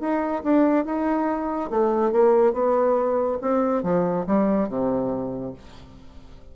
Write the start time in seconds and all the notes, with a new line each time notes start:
0.00 D#4
0.43 D4
0.85 D#4
1.70 A3
2.12 A#3
2.53 B3
3.41 C4
3.83 F3
4.26 G3
4.68 C3